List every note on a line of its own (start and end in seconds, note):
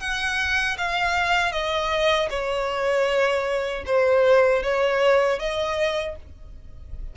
0.00 0.77 F#5
0.78 1.52 F5
1.52 2.29 D#5
2.30 3.84 C#5
3.86 4.63 C5
4.63 5.39 C#5
5.39 6.16 D#5